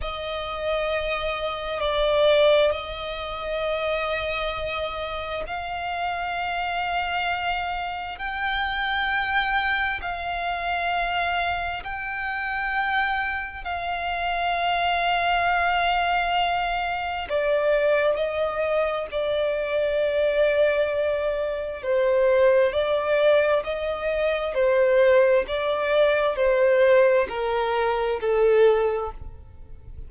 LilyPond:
\new Staff \with { instrumentName = "violin" } { \time 4/4 \tempo 4 = 66 dis''2 d''4 dis''4~ | dis''2 f''2~ | f''4 g''2 f''4~ | f''4 g''2 f''4~ |
f''2. d''4 | dis''4 d''2. | c''4 d''4 dis''4 c''4 | d''4 c''4 ais'4 a'4 | }